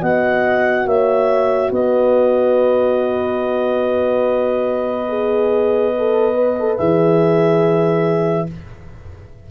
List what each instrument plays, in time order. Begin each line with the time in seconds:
0.00 tuba B3, horn F#4 D#5, clarinet F#5
0.86 tuba A#3, horn C#5, clarinet E5
1.71 tuba B3, horn B4, clarinet D#5
5.09 horn G#4
5.98 horn A4
6.35 horn B4
6.60 horn A4
6.77 tuba E3, horn G#4, clarinet E5